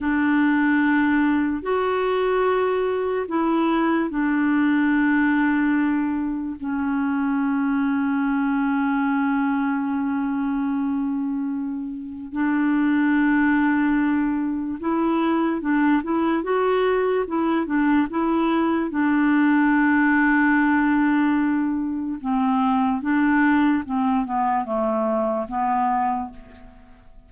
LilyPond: \new Staff \with { instrumentName = "clarinet" } { \time 4/4 \tempo 4 = 73 d'2 fis'2 | e'4 d'2. | cis'1~ | cis'2. d'4~ |
d'2 e'4 d'8 e'8 | fis'4 e'8 d'8 e'4 d'4~ | d'2. c'4 | d'4 c'8 b8 a4 b4 | }